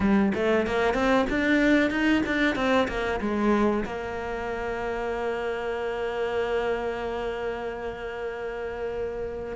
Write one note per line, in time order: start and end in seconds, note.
0.00 0.32 G3
0.34 0.66 A3
0.66 0.94 A#3
0.94 1.26 C4
1.29 1.90 D4
1.90 2.22 D#4
2.25 2.55 D4
2.55 2.87 C4
2.88 3.20 A#3
3.20 3.84 G#3
3.85 9.55 A#3